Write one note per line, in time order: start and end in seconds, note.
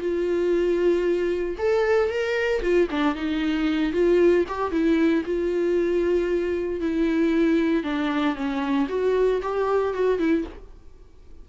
0.00 1.57 F4
1.58 2.10 A4
2.10 2.62 A#4
2.63 2.89 F4
2.91 3.15 D4
3.15 3.93 D#4
3.93 4.45 F4
4.48 4.72 G4
4.72 5.24 E4
5.25 6.81 F4
6.81 7.84 E4
7.84 8.35 D4
8.35 8.88 C#4
8.89 9.41 F#4
9.42 9.94 G4
9.94 10.19 F#4
10.19 10.45 E4